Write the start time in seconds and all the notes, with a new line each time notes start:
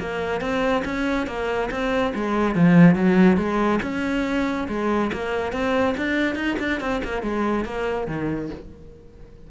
0.00 A#3
0.40 C4
0.85 C#4
1.27 A#3
1.71 C4
2.15 G#3
2.55 F3
2.95 F#3
3.37 G#3
3.82 C#4
4.68 G#3
5.13 A#3
5.52 C4
5.97 D4
6.35 D#4
6.59 D4
6.80 C4
7.04 A#3
7.22 G#3
7.65 A#3
8.07 D#3